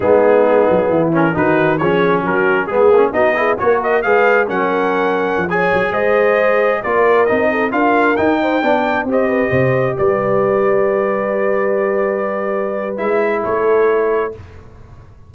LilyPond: <<
  \new Staff \with { instrumentName = "trumpet" } { \time 4/4 \tempo 4 = 134 gis'2~ gis'8 ais'8 b'4 | cis''4 ais'4 gis'4 dis''4 | cis''8 dis''8 f''4 fis''2~ | fis''16 gis''4 dis''2 d''8.~ |
d''16 dis''4 f''4 g''4.~ g''16~ | g''16 dis''2 d''4.~ d''16~ | d''1~ | d''4 e''4 cis''2 | }
  \new Staff \with { instrumentName = "horn" } { \time 4/4 dis'2 e'4 fis'4 | gis'4 fis'4 gis'4 fis'8 gis'8 | ais'4 b'4 ais'2~ | ais'16 cis''4 c''2 ais'8.~ |
ais'8. a'8 ais'4. c''8 d''8.~ | d''16 c''8 b'8 c''4 b'4.~ b'16~ | b'1~ | b'2 a'2 | }
  \new Staff \with { instrumentName = "trombone" } { \time 4/4 b2~ b8 cis'8 dis'4 | cis'2 b8 cis'8 dis'8 e'8 | fis'4 gis'4 cis'2~ | cis'16 gis'2. f'8.~ |
f'16 dis'4 f'4 dis'4 d'8.~ | d'16 g'2.~ g'8.~ | g'1~ | g'4 e'2. | }
  \new Staff \with { instrumentName = "tuba" } { \time 4/4 gis4. fis8 e4 dis4 | f4 fis4 gis8 ais8 b4 | ais4 gis4 fis2 | f8. fis8 gis2 ais8.~ |
ais16 c'4 d'4 dis'4 b8.~ | b16 c'4 c4 g4.~ g16~ | g1~ | g4 gis4 a2 | }
>>